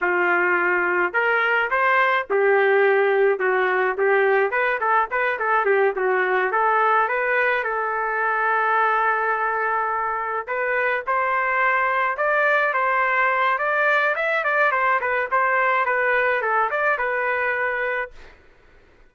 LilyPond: \new Staff \with { instrumentName = "trumpet" } { \time 4/4 \tempo 4 = 106 f'2 ais'4 c''4 | g'2 fis'4 g'4 | b'8 a'8 b'8 a'8 g'8 fis'4 a'8~ | a'8 b'4 a'2~ a'8~ |
a'2~ a'8 b'4 c''8~ | c''4. d''4 c''4. | d''4 e''8 d''8 c''8 b'8 c''4 | b'4 a'8 d''8 b'2 | }